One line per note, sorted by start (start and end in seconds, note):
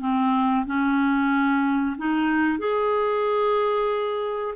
0.00 0.65 C4
0.66 1.96 C#4
1.97 2.58 D#4
2.58 4.54 G#4